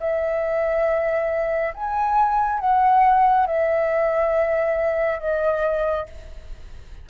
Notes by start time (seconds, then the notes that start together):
0.00 E5
1.74 G#5
2.60 F#5
3.47 E5
5.20 D#5